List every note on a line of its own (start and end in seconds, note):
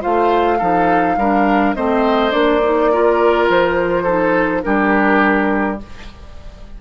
0.00 0.61 A3
0.00 0.58 F4
0.00 0.58 C5
0.00 1.75 F5
0.58 1.16 F3
0.58 1.17 D#4
0.58 1.15 A4
1.16 1.74 G3
1.16 1.75 D4
1.16 1.75 A#4
1.75 2.33 A3
1.75 2.30 C4
1.75 2.91 C5
1.75 2.31 D#5
2.30 3.48 A#3
2.30 2.59 D4
2.30 3.47 D5
2.63 2.92 D#4
2.92 4.06 F4
2.92 4.03 A#4
3.49 4.64 F3
3.49 4.62 C5
4.03 4.62 D#4
4.03 4.61 A4
4.62 5.80 G3
4.62 5.77 D4
4.62 5.81 G4
4.62 5.78 A#4